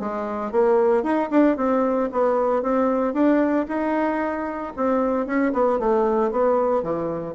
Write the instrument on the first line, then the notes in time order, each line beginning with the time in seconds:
bassoon
0.00 G#3
0.52 A#3
1.04 D#4
1.31 D4
1.57 C4
2.12 B3
2.63 C4
3.14 D4
3.69 D#4
4.77 C4
5.27 C#4
5.53 B3
5.80 A3
6.32 B3
6.83 E3